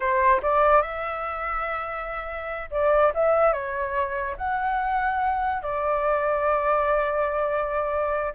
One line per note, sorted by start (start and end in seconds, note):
0.00 0.41 C5
0.42 0.82 D5
0.82 2.69 E5
2.70 3.12 D5
3.14 3.52 E5
3.52 4.36 C#5
4.37 5.62 F#5
5.62 8.33 D5